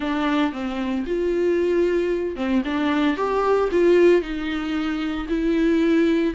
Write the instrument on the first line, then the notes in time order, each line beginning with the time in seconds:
viola
0.00 D4
0.52 C4
1.06 F4
2.35 C4
2.65 D4
3.16 G4
3.71 F4
4.21 D#4
5.28 E4